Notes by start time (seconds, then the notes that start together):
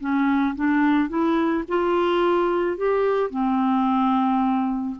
0.00 C#4
0.55 D4
1.09 E4
1.68 F4
2.77 G4
3.30 C4